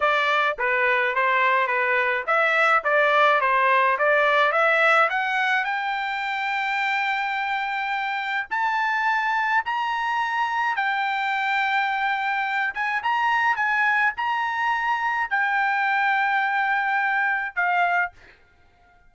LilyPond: \new Staff \with { instrumentName = "trumpet" } { \time 4/4 \tempo 4 = 106 d''4 b'4 c''4 b'4 | e''4 d''4 c''4 d''4 | e''4 fis''4 g''2~ | g''2. a''4~ |
a''4 ais''2 g''4~ | g''2~ g''8 gis''8 ais''4 | gis''4 ais''2 g''4~ | g''2. f''4 | }